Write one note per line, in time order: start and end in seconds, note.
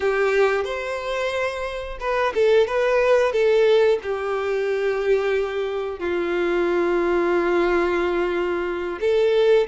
0.00 0.64 G4
0.64 1.98 C5
2.00 2.33 B4
2.34 2.67 A4
2.67 3.32 B4
3.32 3.98 A4
4.02 5.99 G4
5.99 8.99 F4
9.00 9.67 A4